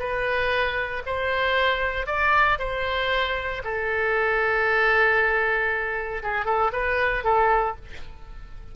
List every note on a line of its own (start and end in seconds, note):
0.00 1.03 B4
1.07 2.07 C5
2.07 2.59 D5
2.59 3.63 C5
3.64 6.23 A4
6.24 6.46 G#4
6.46 6.71 A4
6.73 7.24 B4
7.24 7.76 A4